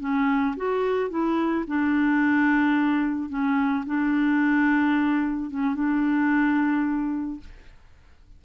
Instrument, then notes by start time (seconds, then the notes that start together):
clarinet
0.00 C#4
0.56 F#4
1.10 E4
1.67 D4
3.29 C#4
3.86 D4
5.50 C#4
5.75 D4